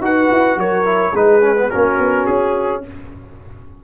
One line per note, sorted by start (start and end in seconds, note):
0.00 0.28 D#4
0.00 0.85 F#4
0.00 0.59 B4
0.00 0.59 F#5
0.31 0.56 E4
0.56 1.12 F#3
0.56 1.12 A#4
0.56 1.15 C#5
0.85 1.13 E4
1.12 1.69 G#3
1.12 1.41 D#4
1.12 1.68 G#4
1.12 1.70 B4
1.41 1.55 C#4
1.56 1.70 B3
1.70 1.98 A#3
1.70 2.83 C#4
1.70 2.82 F#4
1.70 2.26 A#4
1.98 2.26 B3
2.26 2.84 C#4
2.26 2.82 G#4